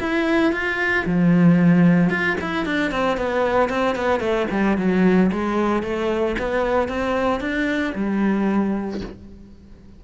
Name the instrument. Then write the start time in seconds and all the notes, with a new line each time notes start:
cello
0.00 E4
0.52 F4
1.06 F3
2.10 F4
2.41 E4
2.66 D4
2.92 C4
3.18 B3
3.69 C4
3.96 B3
4.20 A3
4.51 G3
4.78 F#3
5.32 G#3
5.83 A3
6.39 B3
6.88 C4
7.40 D4
7.95 G3